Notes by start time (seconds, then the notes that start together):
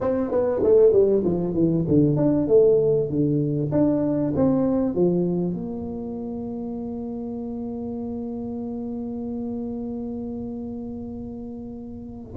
0.00 C4
0.31 B3
0.63 A3
0.92 G3
1.24 F3
1.54 E3
1.88 D3
2.16 D4
2.47 A3
3.09 D3
3.71 D4
4.35 C4
4.94 F3
5.53 A#3